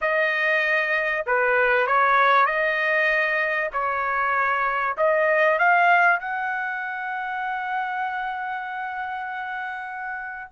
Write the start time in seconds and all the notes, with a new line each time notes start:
0.01 D#5
1.26 B4
1.86 C#5
2.45 D#5
3.72 C#5
4.97 D#5
5.58 F5
6.19 F#5